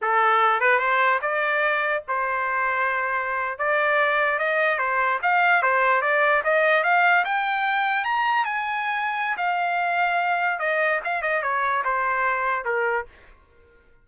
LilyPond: \new Staff \with { instrumentName = "trumpet" } { \time 4/4 \tempo 4 = 147 a'4. b'8 c''4 d''4~ | d''4 c''2.~ | c''8. d''2 dis''4 c''16~ | c''8. f''4 c''4 d''4 dis''16~ |
dis''8. f''4 g''2 ais''16~ | ais''8. gis''2~ gis''16 f''4~ | f''2 dis''4 f''8 dis''8 | cis''4 c''2 ais'4 | }